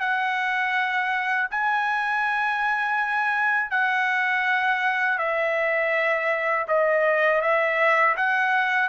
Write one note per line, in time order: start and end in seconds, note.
0.00 1.48 F#5
1.51 3.71 G#5
3.71 5.19 F#5
5.19 6.67 E5
6.68 7.42 D#5
7.42 8.16 E5
8.17 8.89 F#5